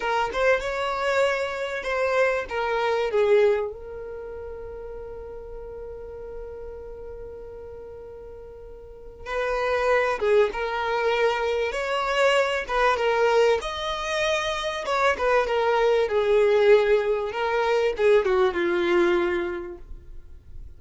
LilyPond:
\new Staff \with { instrumentName = "violin" } { \time 4/4 \tempo 4 = 97 ais'8 c''8 cis''2 c''4 | ais'4 gis'4 ais'2~ | ais'1~ | ais'2. b'4~ |
b'8 gis'8 ais'2 cis''4~ | cis''8 b'8 ais'4 dis''2 | cis''8 b'8 ais'4 gis'2 | ais'4 gis'8 fis'8 f'2 | }